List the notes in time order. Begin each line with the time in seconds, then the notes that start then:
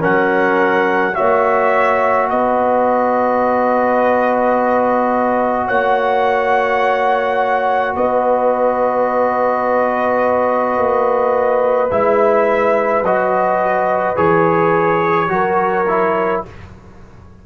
0.00 F#3 C#4 A#4 F#5
1.14 A#3 F#4 C#5 E5
2.30 B3 B4 D#5
5.68 A#3 C#5 F#5
7.96 B3 B4 D#5
10.78 A#3
11.92 G#3 E4 E5
13.03 F#3 F#4 D#5
14.17 E3 G#4 C#5
15.29 F#3 F#4 A#4
15.89 E4